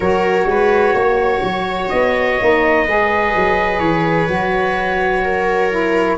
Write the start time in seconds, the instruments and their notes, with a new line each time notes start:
0.00 tuba F#3, saxophone F#4, viola A#4, trumpet C#5
0.46 tuba G#3, viola B4
0.94 tuba A#3, viola C#5
1.43 tuba F#3
1.88 tuba B3, trumpet D#5
2.39 tuba A#3, saxophone D#4
2.85 tuba G#3, saxophone G#4, viola B4
3.35 tuba F#3
3.79 tuba E3, trumpet C#5
4.28 tuba F#3, saxophone F#4
5.23 viola A#4
5.69 saxophone E4